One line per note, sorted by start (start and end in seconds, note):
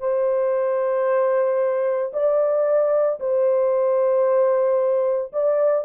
0.00 2.12 C5
2.13 3.20 D5
3.20 5.32 C5
5.33 5.85 D5